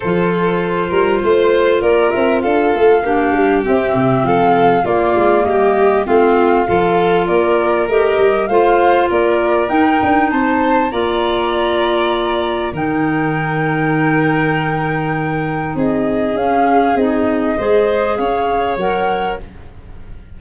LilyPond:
<<
  \new Staff \with { instrumentName = "flute" } { \time 4/4 \tempo 4 = 99 c''2. d''8 e''8 | f''2 e''4 f''4 | d''4 dis''4 f''2 | d''4 dis''4 f''4 d''4 |
g''4 a''4 ais''2~ | ais''4 g''2.~ | g''2 dis''4 f''4 | dis''2 f''4 fis''4 | }
  \new Staff \with { instrumentName = "violin" } { \time 4/4 a'4. ais'8 c''4 ais'4 | a'4 g'2 a'4 | f'4 g'4 f'4 a'4 | ais'2 c''4 ais'4~ |
ais'4 c''4 d''2~ | d''4 ais'2.~ | ais'2 gis'2~ | gis'4 c''4 cis''2 | }
  \new Staff \with { instrumentName = "clarinet" } { \time 4/4 f'1~ | f'4 d'4 c'2 | ais2 c'4 f'4~ | f'4 g'4 f'2 |
dis'2 f'2~ | f'4 dis'2.~ | dis'2. cis'4 | dis'4 gis'2 ais'4 | }
  \new Staff \with { instrumentName = "tuba" } { \time 4/4 f4. g8 a4 ais8 c'8 | d'8 a8 ais8 g8 c'8 c8 f4 | ais8 gis8 g4 a4 f4 | ais4 a8 g8 a4 ais4 |
dis'8 d'8 c'4 ais2~ | ais4 dis2.~ | dis2 c'4 cis'4 | c'4 gis4 cis'4 fis4 | }
>>